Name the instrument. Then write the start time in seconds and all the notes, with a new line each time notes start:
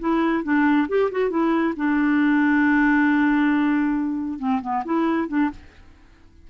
clarinet
0.00 E4
0.44 D4
0.89 G4
1.11 F#4
1.30 E4
1.77 D4
4.39 C4
4.62 B3
4.85 E4
5.28 D4